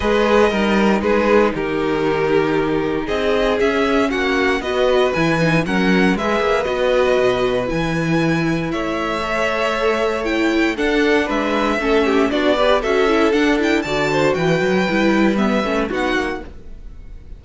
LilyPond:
<<
  \new Staff \with { instrumentName = "violin" } { \time 4/4 \tempo 4 = 117 dis''2 b'4 ais'4~ | ais'2 dis''4 e''4 | fis''4 dis''4 gis''4 fis''4 | e''4 dis''2 gis''4~ |
gis''4 e''2. | g''4 fis''4 e''2 | d''4 e''4 fis''8 g''8 a''4 | g''2 e''4 fis''4 | }
  \new Staff \with { instrumentName = "violin" } { \time 4/4 b'4 ais'4 gis'4 g'4~ | g'2 gis'2 | fis'4 b'2 ais'4 | b'1~ |
b'4 cis''2.~ | cis''4 a'4 b'4 a'8 g'8 | fis'8 b'8 a'2 d''8 c''8 | b'2. fis'4 | }
  \new Staff \with { instrumentName = "viola" } { \time 4/4 gis'4 dis'2.~ | dis'2. cis'4~ | cis'4 fis'4 e'8 dis'8 cis'4 | gis'4 fis'2 e'4~ |
e'2 a'2 | e'4 d'2 cis'4 | d'8 g'8 fis'8 e'8 d'8 e'8 fis'4~ | fis'4 e'4 b8 cis'8 dis'4 | }
  \new Staff \with { instrumentName = "cello" } { \time 4/4 gis4 g4 gis4 dis4~ | dis2 c'4 cis'4 | ais4 b4 e4 fis4 | gis8 ais8 b4 b,4 e4~ |
e4 a2.~ | a4 d'4 gis4 a4 | b4 cis'4 d'4 d4 | e8 fis8 g4. a8 b8 ais8 | }
>>